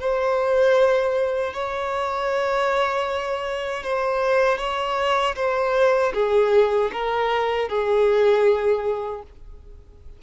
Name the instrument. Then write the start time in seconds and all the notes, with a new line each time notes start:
violin
0.00 C5
1.54 C#5
3.83 C5
4.58 C#5
5.36 C5
6.14 G#4
6.92 A#4
7.69 G#4